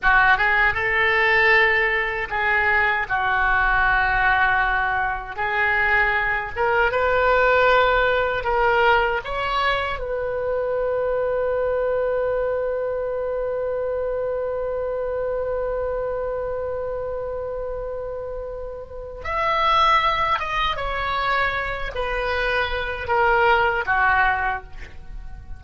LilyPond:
\new Staff \with { instrumentName = "oboe" } { \time 4/4 \tempo 4 = 78 fis'8 gis'8 a'2 gis'4 | fis'2. gis'4~ | gis'8 ais'8 b'2 ais'4 | cis''4 b'2.~ |
b'1~ | b'1~ | b'4 e''4. dis''8 cis''4~ | cis''8 b'4. ais'4 fis'4 | }